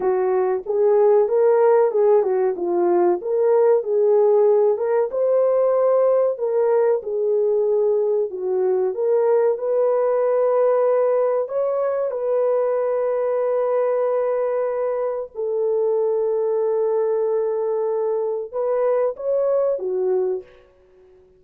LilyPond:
\new Staff \with { instrumentName = "horn" } { \time 4/4 \tempo 4 = 94 fis'4 gis'4 ais'4 gis'8 fis'8 | f'4 ais'4 gis'4. ais'8 | c''2 ais'4 gis'4~ | gis'4 fis'4 ais'4 b'4~ |
b'2 cis''4 b'4~ | b'1 | a'1~ | a'4 b'4 cis''4 fis'4 | }